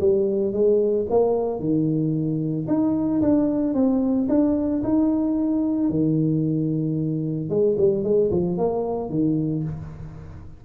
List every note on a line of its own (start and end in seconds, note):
0.00 0.53 G3
0.53 1.06 G#3
1.10 1.59 A#3
1.59 2.66 D#3
2.68 3.21 D#4
3.22 3.74 D4
3.74 4.28 C4
4.29 4.82 D4
4.83 5.89 D#4
5.89 7.50 D#3
7.50 7.76 G#3
7.78 8.03 G3
8.03 8.30 G#3
8.31 8.57 F3
8.58 9.09 A#3
9.09 9.63 D#3